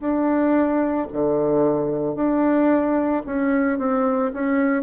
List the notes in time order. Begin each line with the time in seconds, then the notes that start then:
0.00 D4
1.12 D3
2.15 D4
3.26 C#4
3.78 C4
4.33 C#4